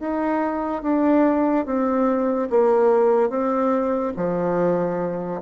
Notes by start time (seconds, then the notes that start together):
0.00 D#4
0.83 D4
1.66 C4
2.50 A#3
3.30 C4
4.17 F3